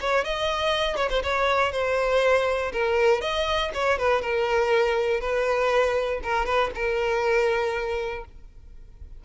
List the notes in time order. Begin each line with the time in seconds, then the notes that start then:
0.00 C#5
0.24 D#5
0.96 C#5
1.10 C5
1.23 C#5
1.72 C5
2.72 A#4
3.21 D#5
3.74 C#5
3.98 B4
4.21 A#4
5.20 B4
6.23 A#4
6.45 B4
6.75 A#4